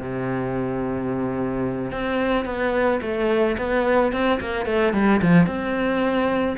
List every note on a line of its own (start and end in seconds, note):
0.00 1.92 C3
1.92 2.45 C4
2.45 3.00 B3
3.02 3.57 A3
3.58 4.12 B3
4.12 4.40 C4
4.40 4.66 A#3
4.66 4.93 A3
4.93 5.21 G3
5.22 5.47 F3
5.47 6.57 C4